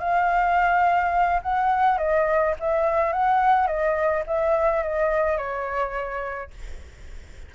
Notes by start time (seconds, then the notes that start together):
0.00 F5
1.43 F#5
1.98 D#5
2.60 E5
3.13 F#5
3.67 D#5
4.27 E5
4.83 D#5
5.38 C#5